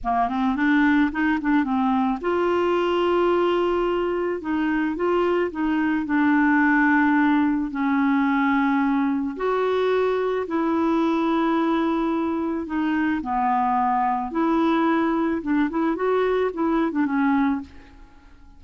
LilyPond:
\new Staff \with { instrumentName = "clarinet" } { \time 4/4 \tempo 4 = 109 ais8 c'8 d'4 dis'8 d'8 c'4 | f'1 | dis'4 f'4 dis'4 d'4~ | d'2 cis'2~ |
cis'4 fis'2 e'4~ | e'2. dis'4 | b2 e'2 | d'8 e'8 fis'4 e'8. d'16 cis'4 | }